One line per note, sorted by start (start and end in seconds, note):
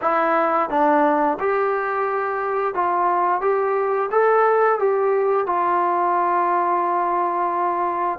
0.01 0.69 E4
0.69 1.38 D4
1.39 2.74 G4
2.74 3.41 F4
3.41 4.09 G4
4.11 4.79 A4
4.79 5.46 G4
5.46 8.19 F4